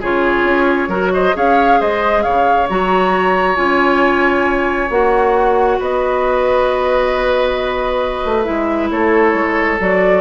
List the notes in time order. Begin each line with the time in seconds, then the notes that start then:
0.00 C#3 F4 G#4 C#5
0.44 C#4
0.88 F#3 F#4 A#4
1.13 C5 D#5
1.33 C#4 G#4 C#5 F5
1.80 G#3 C5 D#5
2.23 C#3 C#5 F5
2.69 F#3 F#4 A#5
3.55 C#4 F4 G#5
4.90 A#3 F#4 F#5
5.79 B3 B4 D#5
8.24 A3
8.44 G#3 E4 E5
8.91 A3 A4 C#5
9.34 G#3
9.79 F#3 F#4 D5